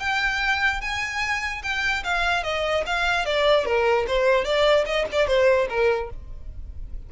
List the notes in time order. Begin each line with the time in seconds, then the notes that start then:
0.00 G5
0.81 G#5
1.63 G5
2.04 F5
2.43 D#5
2.86 F5
3.25 D5
3.65 A#4
4.07 C5
4.44 D5
4.86 D#5
5.12 D5
5.27 C5
5.69 A#4